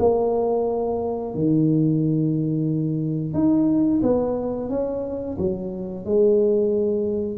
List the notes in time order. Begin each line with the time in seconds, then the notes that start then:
0.00 A#3
1.35 D#3
3.34 D#4
4.03 B3
4.70 C#4
5.39 F#3
6.06 G#3